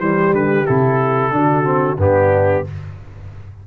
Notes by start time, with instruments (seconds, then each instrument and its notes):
0.00 tuba E3, trombone G3, horn G4, trumpet C5
0.33 tuba D3, trumpet B4
0.66 tuba C3, trombone E4, trumpet A4
1.31 tuba D3, trombone D4, horn F#4
1.64 trombone C4
1.98 tuba G2, trombone B3, horn D4, trumpet G4